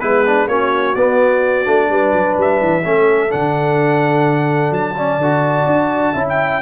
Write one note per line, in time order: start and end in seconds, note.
0.00 0.47 G#3
0.00 0.47 B3
0.00 0.25 E4
0.00 0.47 B4
0.26 0.49 D4
0.47 0.94 A#3
0.47 0.96 C#4
0.47 1.90 F#4
0.47 0.95 C#5
0.95 1.66 B3
0.95 1.65 B3
0.95 2.37 D5
1.65 1.90 A3
1.65 2.83 D4
1.90 2.13 G3
1.90 2.84 B4
2.13 2.37 F#3
2.37 2.61 G3
2.37 3.31 E5
2.62 2.85 E3
2.84 3.32 A3
2.84 3.29 C#4
2.84 4.96 A4
3.29 4.71 D3
3.29 4.95 D4
3.29 4.73 F#5
4.71 5.18 F#3
4.71 6.27 A5
4.96 5.21 C#4
4.96 6.13 D5
5.18 5.65 D3
5.18 6.16 F#4
5.66 6.14 D4
6.13 6.62 C#4
6.13 6.62 E4
6.13 6.61 E5
6.29 6.62 G5